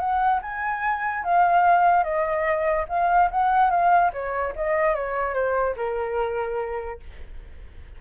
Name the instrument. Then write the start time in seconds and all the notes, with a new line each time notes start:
flute
0.00 F#5
0.42 G#5
1.25 F5
2.04 D#5
2.89 F5
3.31 F#5
3.71 F5
4.13 C#5
4.56 D#5
4.95 C#5
5.35 C5
5.77 A#4